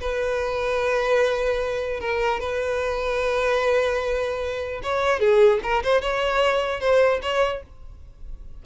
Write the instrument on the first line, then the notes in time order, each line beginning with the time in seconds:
violin
0.00 B4
2.00 A#4
2.40 B4
4.83 C#5
5.20 G#4
5.63 A#4
5.83 C5
6.01 C#5
6.80 C5
7.22 C#5